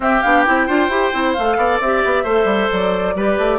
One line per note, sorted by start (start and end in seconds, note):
0.00 0.22 C4
0.00 0.67 G4
0.00 0.22 E5
0.22 0.47 B3
0.22 0.46 D4
0.22 0.44 F5
0.45 0.68 C4
0.45 0.68 E4
0.45 1.33 G5
0.67 0.88 D4
0.67 0.90 F4
0.67 1.57 C5
0.88 1.10 E4
0.88 1.13 G4
1.13 1.36 C4
1.13 1.35 E4
1.33 1.57 A3
1.33 1.78 F5
1.40 1.83 A4
1.57 1.79 B3
1.57 2.23 D5
1.80 2.03 C4
1.80 2.25 G4
1.80 2.70 E5
2.04 2.23 B3
2.23 2.44 A3
2.23 3.16 A4
2.23 3.13 C5
2.44 2.67 G3
2.72 3.15 F#3
2.72 3.58 D5
3.15 3.37 G3
3.15 3.58 G4
3.15 3.58 B4
3.38 3.58 A3